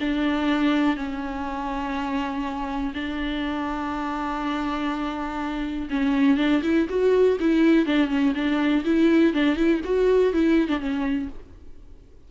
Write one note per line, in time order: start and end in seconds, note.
0.00 0.96 D4
0.96 2.93 C#4
2.94 5.89 D4
5.90 6.37 C#4
6.37 6.61 D4
6.63 6.87 E4
6.89 7.38 F#4
7.39 7.86 E4
7.86 8.08 D4
8.08 8.33 C#4
8.35 8.84 D4
8.84 9.33 E4
9.33 9.56 D4
9.56 9.81 E4
9.84 10.33 F#4
10.33 10.68 E4
10.68 10.79 D4
10.79 11.28 C#4